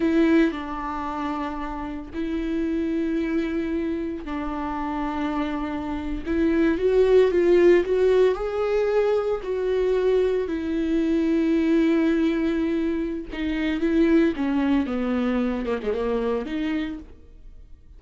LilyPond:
\new Staff \with { instrumentName = "viola" } { \time 4/4 \tempo 4 = 113 e'4 d'2. | e'1 | d'2.~ d'8. e'16~ | e'8. fis'4 f'4 fis'4 gis'16~ |
gis'4.~ gis'16 fis'2 e'16~ | e'1~ | e'4 dis'4 e'4 cis'4 | b4. ais16 gis16 ais4 dis'4 | }